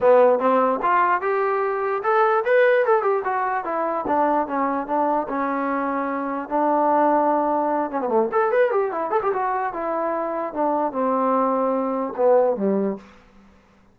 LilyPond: \new Staff \with { instrumentName = "trombone" } { \time 4/4 \tempo 4 = 148 b4 c'4 f'4 g'4~ | g'4 a'4 b'4 a'8 g'8 | fis'4 e'4 d'4 cis'4 | d'4 cis'2. |
d'2.~ d'8 cis'16 b16 | a8 a'8 b'8 g'8 e'8 a'16 g'16 fis'4 | e'2 d'4 c'4~ | c'2 b4 g4 | }